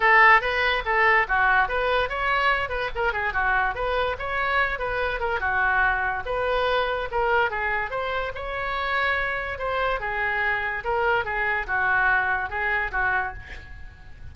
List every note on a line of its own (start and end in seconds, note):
0.00 0.41 A4
0.41 0.83 B4
0.85 1.27 A4
1.28 1.68 F#4
1.68 2.09 B4
2.09 2.69 C#5
2.69 2.90 B4
2.95 3.12 A#4
3.12 3.33 G#4
3.33 3.74 F#4
3.74 4.16 B4
4.18 4.79 C#5
4.79 5.20 B4
5.20 5.40 A#4
5.40 6.23 F#4
6.25 7.08 B4
7.11 7.50 A#4
7.50 7.90 G#4
7.90 8.32 C5
8.34 9.58 C#5
9.58 10.00 C5
10.00 10.83 G#4
10.84 11.24 A#4
11.24 11.66 G#4
11.66 12.49 F#4
12.49 12.91 G#4
12.91 13.33 F#4